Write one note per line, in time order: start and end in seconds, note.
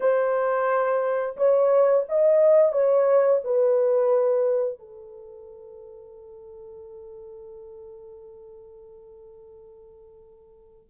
0.00 1.36 C5
1.36 2.05 C#5
2.08 2.72 D#5
2.72 3.40 C#5
3.43 4.79 B4
4.79 10.89 A4